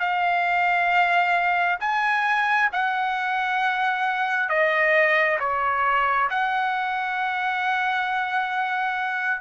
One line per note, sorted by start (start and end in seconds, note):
0.00 1.79 F5
1.81 2.70 G#5
2.73 4.49 F#5
4.49 5.39 D#5
5.40 6.30 C#5
6.31 9.42 F#5